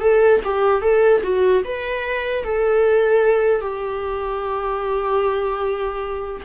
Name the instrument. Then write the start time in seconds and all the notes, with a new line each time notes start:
viola
0.00 A4
0.44 G4
0.81 A4
1.23 F#4
1.64 B4
2.44 A4
3.61 G4